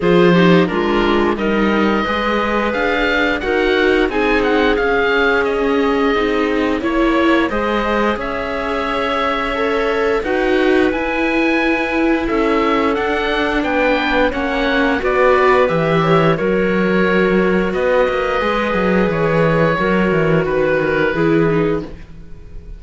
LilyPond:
<<
  \new Staff \with { instrumentName = "oboe" } { \time 4/4 \tempo 4 = 88 c''4 ais'4 dis''2 | f''4 fis''4 gis''8 fis''8 f''4 | dis''2 cis''4 dis''4 | e''2. fis''4 |
gis''2 e''4 fis''4 | g''4 fis''4 d''4 e''4 | cis''2 dis''2 | cis''2 b'2 | }
  \new Staff \with { instrumentName = "clarinet" } { \time 4/4 gis'8 g'8 f'4 ais'4 b'4~ | b'4 ais'4 gis'2~ | gis'2 cis''4 c''4 | cis''2. b'4~ |
b'2 a'2 | b'4 cis''4 b'4. cis''8 | ais'2 b'2~ | b'4 ais'4 b'8 ais'8 gis'4 | }
  \new Staff \with { instrumentName = "viola" } { \time 4/4 f'8 dis'8 d'4 dis'4 gis'4~ | gis'4 fis'4 dis'4 cis'4~ | cis'4 dis'4 e'4 gis'4~ | gis'2 a'4 fis'4 |
e'2. d'4~ | d'4 cis'4 fis'4 g'4 | fis'2. gis'4~ | gis'4 fis'2 e'8 dis'8 | }
  \new Staff \with { instrumentName = "cello" } { \time 4/4 f4 gis4 g4 gis4 | d'4 dis'4 c'4 cis'4~ | cis'4 c'4 ais4 gis4 | cis'2. dis'4 |
e'2 cis'4 d'4 | b4 ais4 b4 e4 | fis2 b8 ais8 gis8 fis8 | e4 fis8 e8 dis4 e4 | }
>>